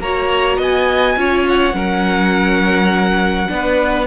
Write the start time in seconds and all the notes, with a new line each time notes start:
0.00 A#3 F#4 C#5 A#5
0.58 B3 D#5 G#5
1.17 C#4 F4 C#5
1.48 F#5
1.74 F#3 C#4 A#4
3.49 B3 D4 B4